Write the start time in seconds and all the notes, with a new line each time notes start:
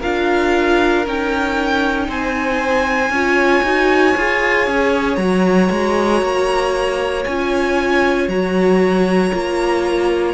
0.00 D4 F4 A#4 F5
1.05 C#4 D#4 G5
2.08 C4 C5 G#5
3.10 C#4 F4 C#5
3.63 D#4 F#4
4.17 F4 G#4
4.67 C#4
5.16 F#3 F#4 A#5
5.71 G#3
6.22 A#3
7.25 C#4 F4 G#5
8.28 F#3 F#4 A#5
9.33 A#3 F4